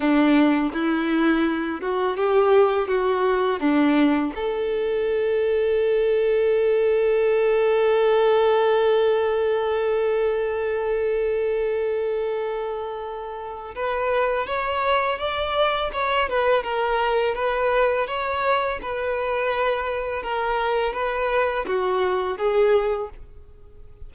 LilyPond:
\new Staff \with { instrumentName = "violin" } { \time 4/4 \tempo 4 = 83 d'4 e'4. fis'8 g'4 | fis'4 d'4 a'2~ | a'1~ | a'1~ |
a'2. b'4 | cis''4 d''4 cis''8 b'8 ais'4 | b'4 cis''4 b'2 | ais'4 b'4 fis'4 gis'4 | }